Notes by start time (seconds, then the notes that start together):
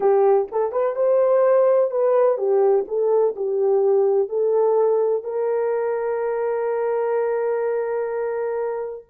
0.00 G4
0.51 A4
0.71 B4
0.95 C5
1.90 B4
2.37 G4
2.87 A4
3.35 G4
4.28 A4
5.23 A#4